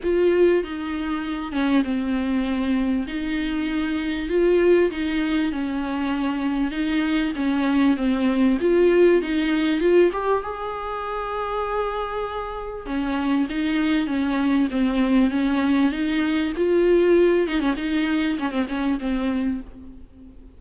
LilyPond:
\new Staff \with { instrumentName = "viola" } { \time 4/4 \tempo 4 = 98 f'4 dis'4. cis'8 c'4~ | c'4 dis'2 f'4 | dis'4 cis'2 dis'4 | cis'4 c'4 f'4 dis'4 |
f'8 g'8 gis'2.~ | gis'4 cis'4 dis'4 cis'4 | c'4 cis'4 dis'4 f'4~ | f'8 dis'16 cis'16 dis'4 cis'16 c'16 cis'8 c'4 | }